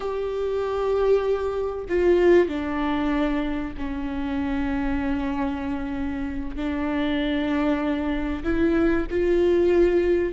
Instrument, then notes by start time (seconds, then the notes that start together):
viola
0.00 G4
1.89 F4
2.48 D4
3.77 C#4
6.55 D4
8.43 E4
9.10 F4